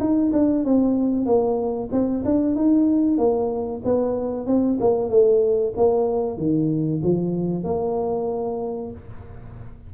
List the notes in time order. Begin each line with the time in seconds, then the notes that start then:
0.00 D#4
0.33 D4
0.65 C4
1.26 A#3
1.92 C4
2.25 D4
2.56 D#4
3.18 A#3
3.85 B3
4.47 C4
4.80 A#3
5.09 A3
5.77 A#3
6.38 D#3
7.03 F3
7.64 A#3